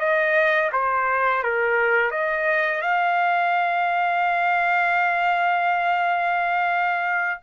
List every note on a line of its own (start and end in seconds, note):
0.00 0.71 D#5
0.72 1.43 C5
1.43 2.11 A#4
2.11 2.81 D#5
2.81 7.40 F5